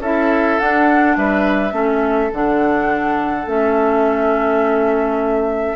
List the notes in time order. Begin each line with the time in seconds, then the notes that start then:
0.00 C#4 E4 A4 E5
0.59 D4 F#5
1.17 G3 B4 E5
1.72 A3 C#4 A4
2.33 D3 D4 F#5
3.46 A3 C#4 E5